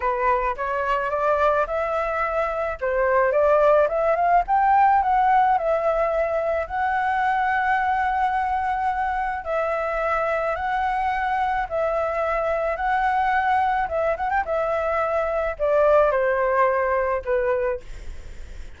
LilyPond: \new Staff \with { instrumentName = "flute" } { \time 4/4 \tempo 4 = 108 b'4 cis''4 d''4 e''4~ | e''4 c''4 d''4 e''8 f''8 | g''4 fis''4 e''2 | fis''1~ |
fis''4 e''2 fis''4~ | fis''4 e''2 fis''4~ | fis''4 e''8 fis''16 g''16 e''2 | d''4 c''2 b'4 | }